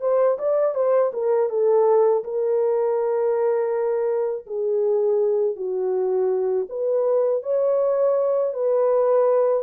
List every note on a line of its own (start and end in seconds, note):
0.00 0.37 C5
0.38 0.74 D5
0.74 1.11 C5
1.13 1.49 A#4
1.49 2.23 A4
2.24 4.46 A#4
4.46 5.56 G#4
5.56 6.67 F#4
6.69 7.43 B4
7.43 8.53 C#5
8.53 9.63 B4